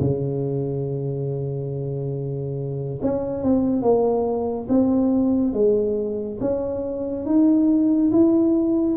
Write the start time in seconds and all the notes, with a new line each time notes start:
0.00 C#3
3.02 C#4
3.43 C4
3.82 A#3
4.69 C4
5.53 G#3
6.41 C#4
7.25 D#4
8.12 E4